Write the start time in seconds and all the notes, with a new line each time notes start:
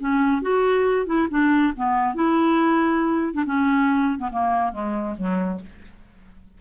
0.00 C#4
0.42 F#4
1.07 E4
1.30 D4
1.77 B3
2.15 E4
3.34 D4
3.46 C#4
4.19 B3
4.32 A#3
4.73 G#3
5.18 F#3